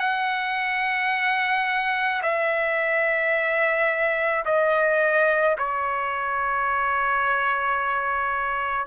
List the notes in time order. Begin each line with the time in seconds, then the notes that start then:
0.00 F#5
2.23 E5
4.46 D#5
5.59 C#5